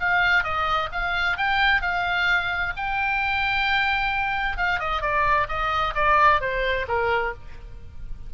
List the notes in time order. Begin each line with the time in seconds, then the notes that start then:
0.00 F5
0.43 D#5
0.92 F5
1.37 G5
1.82 F5
2.76 G5
4.57 F5
4.79 D#5
5.01 D5
5.48 D#5
5.95 D5
6.41 C5
6.88 A#4